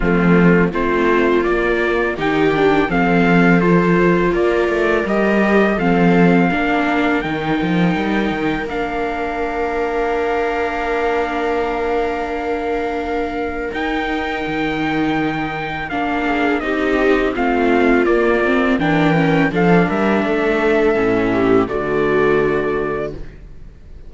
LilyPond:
<<
  \new Staff \with { instrumentName = "trumpet" } { \time 4/4 \tempo 4 = 83 f'4 c''4 d''4 g''4 | f''4 c''4 d''4 dis''4 | f''2 g''2 | f''1~ |
f''2. g''4~ | g''2 f''4 dis''4 | f''4 d''4 g''4 f''8 e''8~ | e''2 d''2 | }
  \new Staff \with { instrumentName = "viola" } { \time 4/4 c'4 f'2 g'4 | a'2 ais'2 | a'4 ais'2.~ | ais'1~ |
ais'1~ | ais'2~ ais'8 gis'8 g'4 | f'2 ais'4 a'8 ais'8 | a'4. g'8 fis'2 | }
  \new Staff \with { instrumentName = "viola" } { \time 4/4 a4 c'4 ais4 dis'8 d'8 | c'4 f'2 g'4 | c'4 d'4 dis'2 | d'1~ |
d'2. dis'4~ | dis'2 d'4 dis'4 | c'4 ais8 c'8 d'8 cis'8 d'4~ | d'4 cis'4 a2 | }
  \new Staff \with { instrumentName = "cello" } { \time 4/4 f4 a4 ais4 dis4 | f2 ais8 a8 g4 | f4 ais4 dis8 f8 g8 dis8 | ais1~ |
ais2. dis'4 | dis2 ais4 c'4 | a4 ais4 e4 f8 g8 | a4 a,4 d2 | }
>>